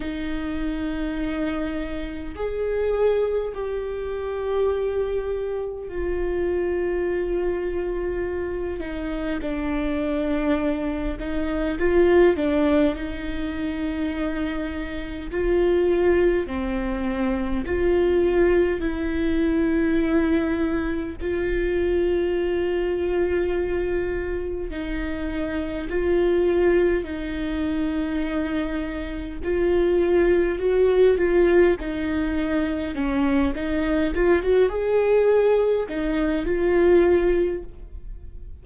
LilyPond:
\new Staff \with { instrumentName = "viola" } { \time 4/4 \tempo 4 = 51 dis'2 gis'4 g'4~ | g'4 f'2~ f'8 dis'8 | d'4. dis'8 f'8 d'8 dis'4~ | dis'4 f'4 c'4 f'4 |
e'2 f'2~ | f'4 dis'4 f'4 dis'4~ | dis'4 f'4 fis'8 f'8 dis'4 | cis'8 dis'8 f'16 fis'16 gis'4 dis'8 f'4 | }